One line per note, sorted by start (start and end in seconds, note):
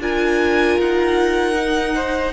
0.00 0.78 D4
0.00 1.55 F4
0.00 1.96 A#4
0.00 0.81 G#5
0.80 2.33 D#4
0.80 2.33 F#5
1.55 2.33 D#4
1.96 2.33 C5